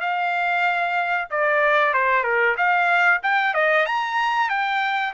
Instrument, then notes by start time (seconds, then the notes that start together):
trumpet
0.00 F5
1.30 D5
1.93 C5
2.23 A#4
2.57 F5
3.22 G5
3.54 D#5
3.86 A#5
4.49 G5